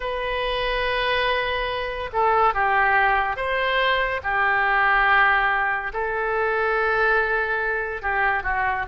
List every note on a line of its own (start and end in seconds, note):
0.00 2.10 B4
2.12 2.54 A4
2.54 3.36 G4
3.36 4.20 C5
4.23 5.92 G4
5.93 8.01 A4
8.01 8.43 G4
8.43 8.85 F#4